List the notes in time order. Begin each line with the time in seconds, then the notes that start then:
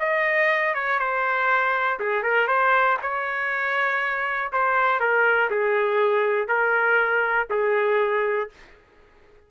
0.00 D#5
0.75 C#5
0.99 C5
2.00 G#4
2.23 A#4
2.48 C5
3.02 C#5
4.53 C5
5.00 A#4
5.51 G#4
6.48 A#4
7.50 G#4